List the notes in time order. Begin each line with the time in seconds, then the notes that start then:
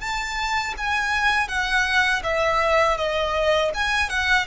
0.00 A5
0.77 G#5
1.48 F#5
2.23 E5
2.97 D#5
3.74 G#5
4.09 F#5